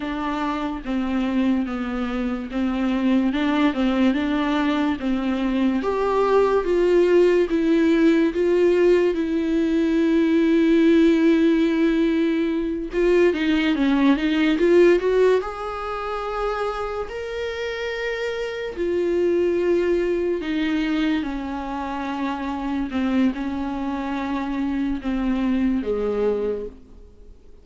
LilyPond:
\new Staff \with { instrumentName = "viola" } { \time 4/4 \tempo 4 = 72 d'4 c'4 b4 c'4 | d'8 c'8 d'4 c'4 g'4 | f'4 e'4 f'4 e'4~ | e'2.~ e'8 f'8 |
dis'8 cis'8 dis'8 f'8 fis'8 gis'4.~ | gis'8 ais'2 f'4.~ | f'8 dis'4 cis'2 c'8 | cis'2 c'4 gis4 | }